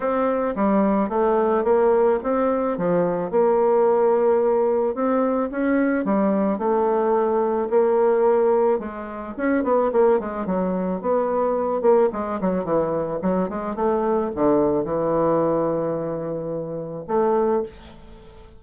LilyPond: \new Staff \with { instrumentName = "bassoon" } { \time 4/4 \tempo 4 = 109 c'4 g4 a4 ais4 | c'4 f4 ais2~ | ais4 c'4 cis'4 g4 | a2 ais2 |
gis4 cis'8 b8 ais8 gis8 fis4 | b4. ais8 gis8 fis8 e4 | fis8 gis8 a4 d4 e4~ | e2. a4 | }